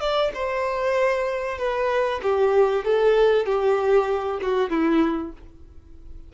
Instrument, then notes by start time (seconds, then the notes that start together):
violin
0.00 D5
0.34 C5
1.58 B4
2.22 G4
2.84 A4
3.46 G4
4.41 F#4
4.70 E4